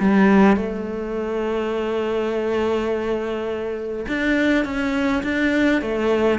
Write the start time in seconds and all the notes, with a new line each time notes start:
0.00 G3
0.57 A3
4.08 D4
4.65 C#4
5.23 D4
5.82 A3